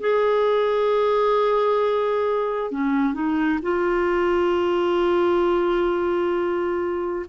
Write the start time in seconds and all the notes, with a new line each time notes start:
0.00 G#4
2.71 C#4
3.14 D#4
3.62 F4